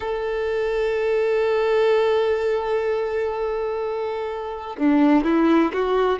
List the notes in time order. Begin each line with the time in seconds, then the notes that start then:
0.00 A4
4.77 D4
5.24 E4
5.73 F#4